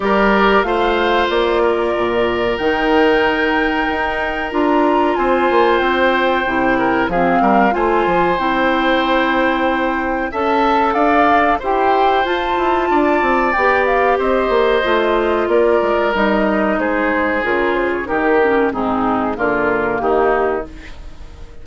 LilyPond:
<<
  \new Staff \with { instrumentName = "flute" } { \time 4/4 \tempo 4 = 93 d''4 f''4 d''2 | g''2. ais''4 | gis''4 g''2 f''4 | gis''4 g''2. |
a''4 f''4 g''4 a''4~ | a''4 g''8 f''8 dis''2 | d''4 dis''4 c''4 ais'8 c''16 cis''16 | ais'4 gis'4 ais'4 g'4 | }
  \new Staff \with { instrumentName = "oboe" } { \time 4/4 ais'4 c''4. ais'4.~ | ais'1 | c''2~ c''8 ais'8 gis'8 ais'8 | c''1 |
e''4 d''4 c''2 | d''2 c''2 | ais'2 gis'2 | g'4 dis'4 f'4 dis'4 | }
  \new Staff \with { instrumentName = "clarinet" } { \time 4/4 g'4 f'2. | dis'2. f'4~ | f'2 e'4 c'4 | f'4 e'2. |
a'2 g'4 f'4~ | f'4 g'2 f'4~ | f'4 dis'2 f'4 | dis'8 cis'8 c'4 ais2 | }
  \new Staff \with { instrumentName = "bassoon" } { \time 4/4 g4 a4 ais4 ais,4 | dis2 dis'4 d'4 | c'8 ais8 c'4 c4 f8 g8 | a8 f8 c'2. |
cis'4 d'4 e'4 f'8 e'8 | d'8 c'8 b4 c'8 ais8 a4 | ais8 gis8 g4 gis4 cis4 | dis4 gis,4 d4 dis4 | }
>>